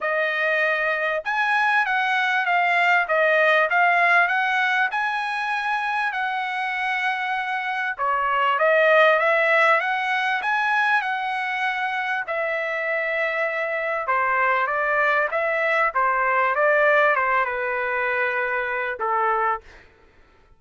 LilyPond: \new Staff \with { instrumentName = "trumpet" } { \time 4/4 \tempo 4 = 98 dis''2 gis''4 fis''4 | f''4 dis''4 f''4 fis''4 | gis''2 fis''2~ | fis''4 cis''4 dis''4 e''4 |
fis''4 gis''4 fis''2 | e''2. c''4 | d''4 e''4 c''4 d''4 | c''8 b'2~ b'8 a'4 | }